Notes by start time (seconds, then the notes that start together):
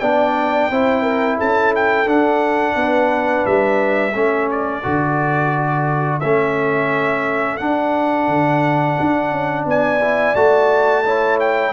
0.00 B3 D4 D5 G5
0.70 C4 E4 C5
1.02 A#4
1.37 C#4 A4 A5
1.76 G5
2.06 D4 F#5
2.75 B3 B4
3.46 G3 E5
4.14 A3 C#4 A4
4.51 D5
4.83 D3 F#4
6.20 A3 C#4 E5
7.57 D4 F#5
8.28 D3
9.00 D4
9.31 C#4
9.65 B3 D5 G#5
10.01 E4
10.34 A3 F#4 A5
11.06 E4 C#5
11.40 G5